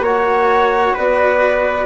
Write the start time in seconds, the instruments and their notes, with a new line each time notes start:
0.00 bassoon A#3, cello F#4, trumpet C#5, flute F#5
0.94 bassoon B3, trumpet B4, flute D5